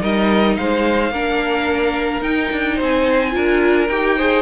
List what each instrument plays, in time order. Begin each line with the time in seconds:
0.00 cello G3, viola D#4, violin A#4 D#5
0.56 cello G#3, violin C5 F5
1.10 cello A#3, viola D4, violin A#4
2.21 cello D#4, viola D#4, violin G5
2.52 cello D4
2.75 cello C4, violin C5
2.82 violin G#5
3.31 cello D4, viola F4, violin A#4
3.87 cello D#4, viola G4, violin G5
4.17 viola G#4, violin C5